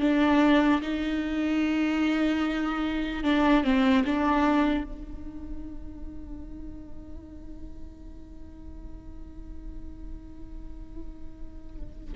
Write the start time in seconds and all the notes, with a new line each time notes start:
0.00 D4
0.81 D#4
3.24 D4
3.64 C4
4.05 D4
4.84 D#4